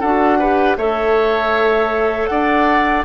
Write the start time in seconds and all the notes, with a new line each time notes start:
0.00 D4 F#4 A4 F#5
0.39 G4 B4
0.77 A3 A4 C#5 E5
2.27 D4 D5 F#5